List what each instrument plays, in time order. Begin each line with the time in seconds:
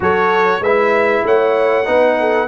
0.00 tuba F#3, trombone F#4, horn A4, trumpet C#5
0.60 tuba G#3, trombone E4, horn B4, trumpet E5
1.24 tuba A3, horn C#5, trumpet F#5
1.85 tuba B3, trombone D#4, horn B4
2.19 horn A4